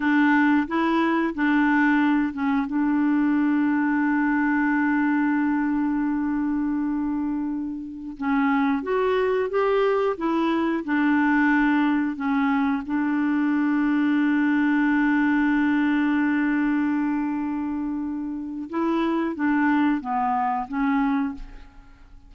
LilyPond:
\new Staff \with { instrumentName = "clarinet" } { \time 4/4 \tempo 4 = 90 d'4 e'4 d'4. cis'8 | d'1~ | d'1~ | d'16 cis'4 fis'4 g'4 e'8.~ |
e'16 d'2 cis'4 d'8.~ | d'1~ | d'1 | e'4 d'4 b4 cis'4 | }